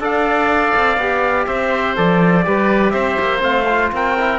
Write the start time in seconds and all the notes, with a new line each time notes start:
0.00 D4 A4 D5 F5
0.76 C4
0.97 B3 G4
1.46 C4 C5 E5
1.96 F3 A4 D5
2.44 G3 G4 B4
2.90 C4 C5 E5
3.19 A#3
3.40 A3 C4 F5
3.69 F4
3.92 C4 A#4 G5
4.19 E4